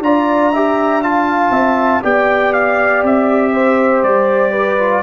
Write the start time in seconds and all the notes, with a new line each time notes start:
0.00 D4 F4 D5 A#5
0.53 G4 E5
1.03 F4 F5 A5
1.51 C4 E5
2.03 B3 G4 D5 G5
2.53 F5
3.04 C4 E5
3.54 C5
4.03 G3 D5
4.52 B4
4.79 F4